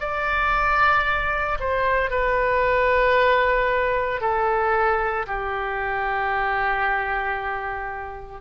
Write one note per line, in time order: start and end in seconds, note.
0.00 1.58 D5
1.59 2.11 C5
2.11 4.21 B4
4.21 5.26 A4
5.27 8.41 G4